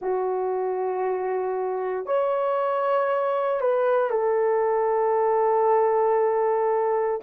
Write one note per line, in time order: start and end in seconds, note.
0.01 2.05 F#4
2.05 3.60 C#5
3.60 4.10 B4
4.10 7.20 A4